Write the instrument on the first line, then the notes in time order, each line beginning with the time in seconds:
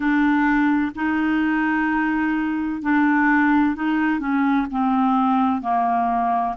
clarinet
0.00 D4
0.95 D#4
2.82 D4
3.75 D#4
4.19 C#4
4.70 C4
5.61 A#3